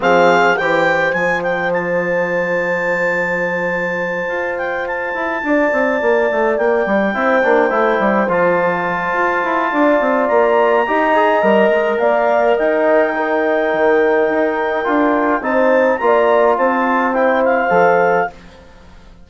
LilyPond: <<
  \new Staff \with { instrumentName = "clarinet" } { \time 4/4 \tempo 4 = 105 f''4 g''4 gis''8 g''8 a''4~ | a''1 | g''8 a''2. g''8~ | g''2~ g''8 a''4.~ |
a''2 ais''2~ | ais''4 f''4 g''2~ | g''2. a''4 | ais''4 a''4 g''8 f''4. | }
  \new Staff \with { instrumentName = "horn" } { \time 4/4 gis'4 c''2.~ | c''1~ | c''4. d''2~ d''8~ | d''8 c''2.~ c''8~ |
c''4 d''2 dis''4~ | dis''4 d''4 dis''4 ais'4~ | ais'2. c''4 | d''4 c''2. | }
  \new Staff \with { instrumentName = "trombone" } { \time 4/4 c'4 g'4 f'2~ | f'1~ | f'1~ | f'8 e'8 d'8 e'4 f'4.~ |
f'2. g'8 gis'8 | ais'2. dis'4~ | dis'2 f'4 dis'4 | f'2 e'4 a'4 | }
  \new Staff \with { instrumentName = "bassoon" } { \time 4/4 f4 e4 f2~ | f2.~ f8 f'8~ | f'4 e'8 d'8 c'8 ais8 a8 ais8 | g8 c'8 ais8 a8 g8 f4. |
f'8 e'8 d'8 c'8 ais4 dis'4 | g8 gis8 ais4 dis'2 | dis4 dis'4 d'4 c'4 | ais4 c'2 f4 | }
>>